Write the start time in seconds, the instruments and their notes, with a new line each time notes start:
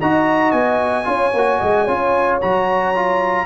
0.00 tuba D#4, trombone F#4, horn D#5, trumpet A#5
0.51 tuba B3, trumpet G#5
1.04 tuba C#4, trombone F4, horn C#5
1.33 tuba A#3, trombone F#4
1.59 tuba G#3, horn D#5
1.85 tuba C#4, trombone F4, horn C#5
2.41 tuba F#3, trombone F#4, trumpet A#5
2.95 trombone F4